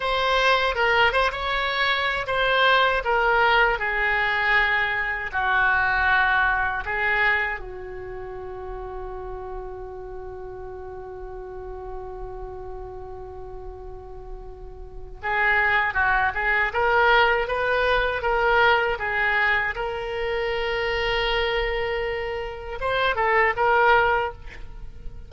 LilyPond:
\new Staff \with { instrumentName = "oboe" } { \time 4/4 \tempo 4 = 79 c''4 ais'8 c''16 cis''4~ cis''16 c''4 | ais'4 gis'2 fis'4~ | fis'4 gis'4 fis'2~ | fis'1~ |
fis'1 | gis'4 fis'8 gis'8 ais'4 b'4 | ais'4 gis'4 ais'2~ | ais'2 c''8 a'8 ais'4 | }